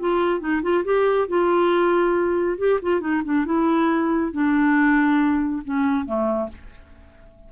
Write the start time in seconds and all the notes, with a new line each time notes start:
0.00 F4
0.40 D#4
0.63 F4
0.85 G4
1.28 F4
2.58 G4
2.82 F4
3.01 D#4
3.25 D4
3.45 E4
4.32 D4
5.65 C#4
6.06 A3